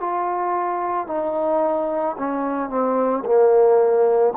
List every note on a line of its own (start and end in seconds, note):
0.00 1.07 F4
1.07 2.16 D#4
2.18 2.69 C#4
2.69 3.24 C4
3.25 4.34 A#3